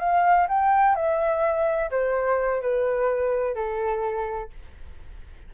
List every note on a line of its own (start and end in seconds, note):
0.00 0.48 F5
0.49 0.96 G5
0.96 1.91 E5
1.91 2.62 C5
2.62 3.55 B4
3.55 4.50 A4